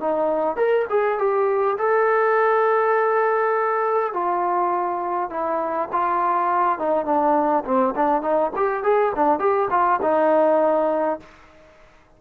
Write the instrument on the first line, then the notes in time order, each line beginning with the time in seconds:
trombone
0.00 D#4
0.56 A#4
0.90 G#4
1.18 G4
1.78 A4
4.13 F4
5.30 E4
5.92 F4
6.79 D#4
7.05 D4
7.65 C4
7.95 D4
8.22 D#4
8.56 G4
8.83 G#4
9.15 D4
9.39 G4
9.71 F4
10.02 D#4